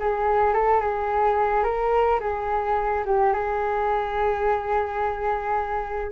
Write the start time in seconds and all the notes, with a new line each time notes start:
0.00 G#4
0.54 A4
0.81 G#4
1.64 A#4
2.20 G#4
3.06 G4
3.34 G#4